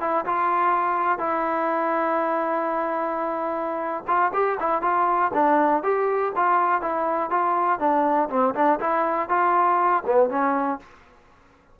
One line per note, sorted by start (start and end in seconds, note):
0.00 0.25 E4
0.25 1.18 F4
1.18 4.03 E4
4.07 4.32 F4
4.33 4.58 G4
4.59 4.82 E4
4.82 5.31 F4
5.34 5.83 D4
5.83 6.32 G4
6.35 6.81 F4
6.81 7.30 E4
7.30 7.79 F4
7.79 8.29 D4
8.29 8.54 C4
8.54 8.79 D4
8.79 9.29 E4
9.29 10.03 F4
10.06 10.30 B3
10.30 10.79 C#4